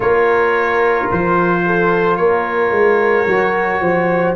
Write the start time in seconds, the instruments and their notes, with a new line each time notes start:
0.00 tuba A#3, trombone F4, horn A#4, trumpet C#5
1.11 tuba F3, trumpet C5
1.65 horn A4
2.16 tuba A#3, horn A#4, trumpet C#5
2.71 tuba G#3
3.26 tuba F#3, trombone F#4
3.80 tuba F3, horn C5